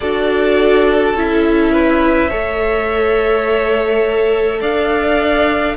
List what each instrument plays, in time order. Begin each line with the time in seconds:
0.00 cello D4, viola F#4, violin A4 D5
1.14 cello C#4, viola E4, violin E5
1.72 violin B4
2.29 cello A3, viola A4, violin C#5
4.60 cello D4, violin D5 F5